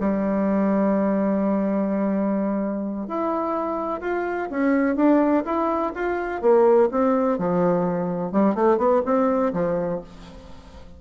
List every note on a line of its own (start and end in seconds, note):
0.00 3.08 G3
3.08 4.01 E4
4.01 4.48 F4
4.50 4.96 C#4
4.96 5.44 D4
5.45 5.92 E4
5.95 6.41 F4
6.41 6.89 A#3
6.91 7.38 C4
7.38 8.32 F3
8.32 8.55 G3
8.55 8.78 A3
8.78 9.02 B3
9.05 9.53 C4
9.53 10.00 F3